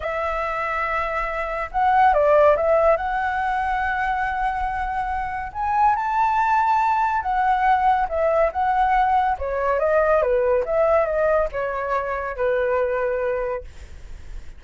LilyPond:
\new Staff \with { instrumentName = "flute" } { \time 4/4 \tempo 4 = 141 e''1 | fis''4 d''4 e''4 fis''4~ | fis''1~ | fis''4 gis''4 a''2~ |
a''4 fis''2 e''4 | fis''2 cis''4 dis''4 | b'4 e''4 dis''4 cis''4~ | cis''4 b'2. | }